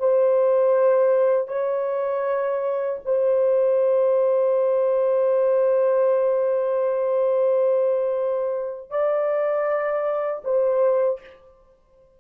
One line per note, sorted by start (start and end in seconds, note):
0.00 1.48 C5
1.48 3.00 C#5
3.06 8.91 C5
8.91 10.43 D5
10.45 11.21 C5